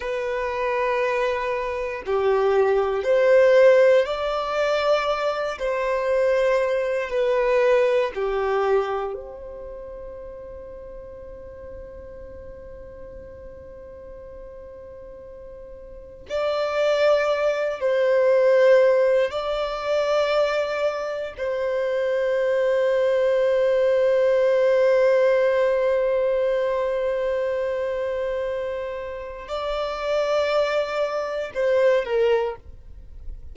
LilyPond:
\new Staff \with { instrumentName = "violin" } { \time 4/4 \tempo 4 = 59 b'2 g'4 c''4 | d''4. c''4. b'4 | g'4 c''2.~ | c''1 |
d''4. c''4. d''4~ | d''4 c''2.~ | c''1~ | c''4 d''2 c''8 ais'8 | }